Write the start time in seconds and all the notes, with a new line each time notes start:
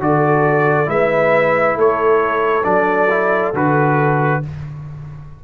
0.00 D3 F#4 A4 D5
0.86 G#3 E4 B4 E5
1.76 A3 A4 C#5
2.64 F#3 D4 D5
3.10 E4
3.54 D3 F#4 B4